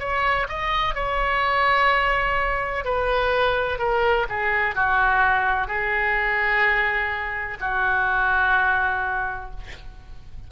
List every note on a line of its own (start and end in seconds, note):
0.00 0.48 C#5
0.49 0.95 D#5
0.95 2.85 C#5
2.85 3.79 B4
3.79 4.27 A#4
4.29 4.75 G#4
4.75 5.68 F#4
5.68 7.58 G#4
7.61 9.51 F#4